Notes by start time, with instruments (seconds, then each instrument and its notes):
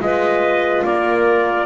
0.00 double bass G#3, horn F4, clarinet B4, trumpet D#5
0.84 double bass A#3, clarinet A#4, trumpet D5